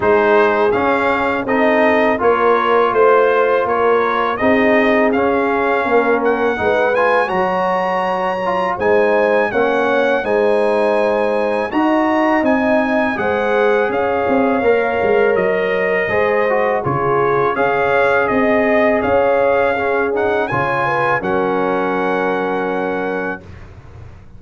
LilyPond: <<
  \new Staff \with { instrumentName = "trumpet" } { \time 4/4 \tempo 4 = 82 c''4 f''4 dis''4 cis''4 | c''4 cis''4 dis''4 f''4~ | f''8 fis''4 gis''8 ais''2 | gis''4 fis''4 gis''2 |
ais''4 gis''4 fis''4 f''4~ | f''4 dis''2 cis''4 | f''4 dis''4 f''4. fis''8 | gis''4 fis''2. | }
  \new Staff \with { instrumentName = "horn" } { \time 4/4 gis'2 a'4 ais'4 | c''4 ais'4 gis'2 | ais'4 b'4 cis''2 | c''4 cis''4 c''2 |
dis''2 c''4 cis''4~ | cis''2 c''4 gis'4 | cis''4 dis''4 cis''4 gis'4 | cis''8 b'8 ais'2. | }
  \new Staff \with { instrumentName = "trombone" } { \time 4/4 dis'4 cis'4 dis'4 f'4~ | f'2 dis'4 cis'4~ | cis'4 dis'8 f'8 fis'4. f'8 | dis'4 cis'4 dis'2 |
fis'4 dis'4 gis'2 | ais'2 gis'8 fis'8 f'4 | gis'2. cis'8 dis'8 | f'4 cis'2. | }
  \new Staff \with { instrumentName = "tuba" } { \time 4/4 gis4 cis'4 c'4 ais4 | a4 ais4 c'4 cis'4 | ais4 gis4 fis2 | gis4 ais4 gis2 |
dis'4 c'4 gis4 cis'8 c'8 | ais8 gis8 fis4 gis4 cis4 | cis'4 c'4 cis'2 | cis4 fis2. | }
>>